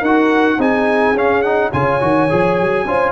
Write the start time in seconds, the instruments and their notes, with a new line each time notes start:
0.00 tuba D#4, trombone F#4, horn A#4, trumpet F#5
0.58 tuba C4, trombone D#4, horn G#4, trumpet G#5
1.13 tuba C#4, trombone C#4, trumpet F5
1.42 trombone D#4, trumpet F#5
1.72 tuba C#3, trombone F4, horn C#5, trumpet G#5
2.00 tuba D#3, trombone F#4
2.29 tuba F3, trombone G#4
2.60 tuba F#3
2.85 tuba C#4, trombone F4, horn C5